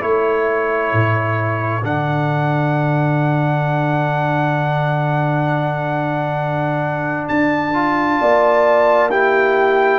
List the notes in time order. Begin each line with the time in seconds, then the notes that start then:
0.00 A3 E4 A4 C#5
0.93 A2
1.84 D3 D4 F#5
7.28 D4 A5
7.74 F4
8.20 A#3 D5
9.11 E4 G4 G5